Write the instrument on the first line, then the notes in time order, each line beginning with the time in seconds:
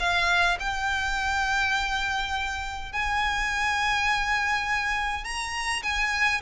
violin
0.00 F5
0.60 G5
2.93 G#5
5.25 A#5
5.83 G#5